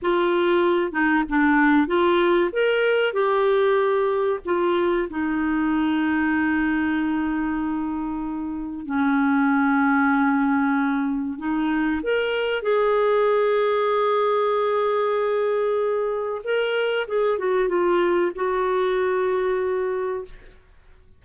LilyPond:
\new Staff \with { instrumentName = "clarinet" } { \time 4/4 \tempo 4 = 95 f'4. dis'8 d'4 f'4 | ais'4 g'2 f'4 | dis'1~ | dis'2 cis'2~ |
cis'2 dis'4 ais'4 | gis'1~ | gis'2 ais'4 gis'8 fis'8 | f'4 fis'2. | }